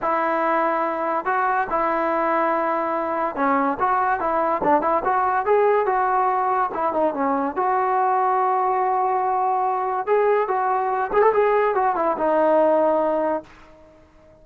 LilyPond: \new Staff \with { instrumentName = "trombone" } { \time 4/4 \tempo 4 = 143 e'2. fis'4 | e'1 | cis'4 fis'4 e'4 d'8 e'8 | fis'4 gis'4 fis'2 |
e'8 dis'8 cis'4 fis'2~ | fis'1 | gis'4 fis'4. gis'16 a'16 gis'4 | fis'8 e'8 dis'2. | }